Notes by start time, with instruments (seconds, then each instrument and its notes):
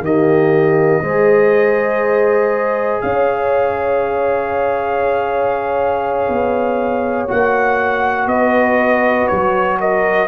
0.00 tuba D#3, trombone A#3, horn G4, trumpet D#5
1.02 tuba G#3, trombone G#4, horn C5
3.01 tuba C#4, horn C#5, trumpet F5
6.29 tuba B3
7.28 tuba A#3, trombone F#4, trumpet F#5
8.27 tuba B3, horn B4, trumpet D#5
9.28 tuba F#3, trumpet C#5
9.80 horn A#4, trumpet D#5